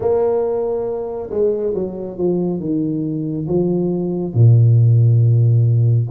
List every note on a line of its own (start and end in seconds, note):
0.00 1.30 A#3
1.30 1.74 G#3
1.74 2.17 F#3
2.17 2.59 F3
2.59 3.46 D#3
3.47 4.34 F3
4.34 6.08 A#2